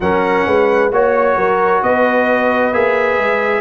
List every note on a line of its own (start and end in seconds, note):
0.00 0.45 F#3
0.00 0.91 C#4
0.00 0.47 A#4
0.00 0.91 F#5
0.46 0.91 G#3
0.46 0.92 B4
0.91 1.36 A#3
0.91 2.73 F#4
0.91 1.37 C#5
0.91 1.83 C#5
1.36 1.82 F#3
1.36 1.82 A#4
1.82 2.73 B3
1.82 3.61 B4
1.82 2.73 D#5
2.73 3.17 A#3
2.73 3.61 G#4
2.73 3.61 E5
3.17 3.61 G#3